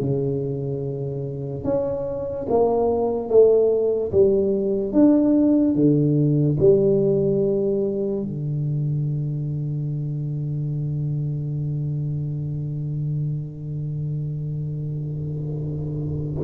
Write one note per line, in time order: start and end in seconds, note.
0.00 1.64 C#3
1.64 2.46 C#4
2.48 3.29 A#3
3.29 4.11 A3
4.11 4.92 G3
4.92 5.75 D4
5.75 6.57 D3
6.59 8.22 G3
8.22 16.43 D3